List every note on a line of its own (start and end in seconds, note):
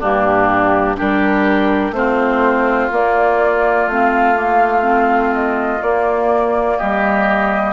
0.00 0.99 G2
0.00 0.97 A#3
0.00 0.97 D4
0.00 0.98 G4
0.97 1.91 G3
0.97 1.93 D4
0.97 1.94 G4
0.97 1.94 A#4
1.91 2.88 A3
1.91 2.91 C4
1.91 2.91 C5
1.98 6.78 F4
2.91 3.87 A#3
2.91 3.90 A#3
2.91 3.89 D5
3.87 5.80 A3
3.87 4.35 C4
3.87 5.34 F5
4.35 4.82 A#3
4.82 5.79 C4
5.34 5.82 D#5
5.82 6.79 A#3
5.82 7.73 A#3
5.82 6.78 D5
6.78 7.73 G3
6.78 7.73 G4
6.78 7.73 D#5